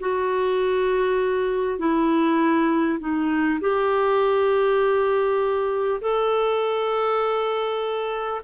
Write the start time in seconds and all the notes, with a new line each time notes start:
0.00 F#4
1.78 E4
2.99 D#4
3.60 G4
6.01 A4